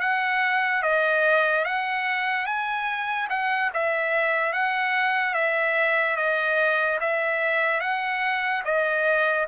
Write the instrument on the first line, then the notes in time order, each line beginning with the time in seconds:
trumpet
0.00 F#5
0.82 D#5
1.64 F#5
2.46 G#5
3.29 F#5
3.74 E5
4.53 F#5
5.34 E5
6.16 D#5
7.00 E5
7.80 F#5
8.65 D#5